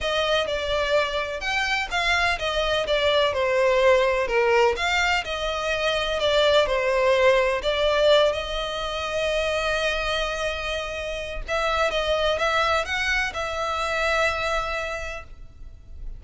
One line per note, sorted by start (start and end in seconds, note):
0.00 0.47 D#5
0.47 1.40 D5
1.40 1.88 G5
1.90 2.38 F5
2.38 2.86 D#5
2.86 3.33 D5
3.33 4.27 C5
4.27 4.75 A#4
4.76 5.24 F5
5.24 6.19 D#5
6.19 6.66 D5
6.66 7.61 C5
7.62 8.32 D5
8.32 11.42 D#5
11.47 11.90 E5
11.90 12.38 D#5
12.38 12.85 E5
12.85 13.32 F#5
13.33 15.24 E5